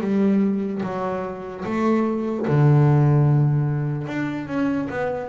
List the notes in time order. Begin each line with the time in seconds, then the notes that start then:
0.00 G3
0.83 F#3
1.65 A3
2.47 D3
4.07 D4
4.47 C#4
4.89 B3